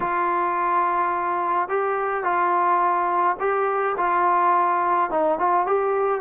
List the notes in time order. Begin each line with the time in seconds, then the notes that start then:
0.00 F4
1.69 G4
2.23 F4
3.39 G4
3.97 F4
5.10 D#4
5.38 F4
5.66 G4